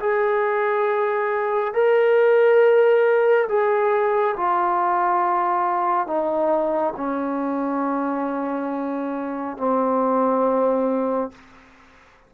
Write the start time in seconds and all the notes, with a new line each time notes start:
0.00 G#4
1.74 A#4
3.49 G#4
4.37 F4
6.07 D#4
6.96 C#4
9.57 C4